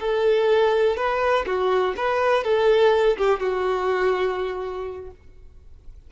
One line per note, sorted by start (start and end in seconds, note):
0.00 0.97 A4
0.97 1.46 B4
1.46 1.95 F#4
1.97 2.44 B4
2.44 3.17 A4
3.18 3.40 G4
3.40 5.11 F#4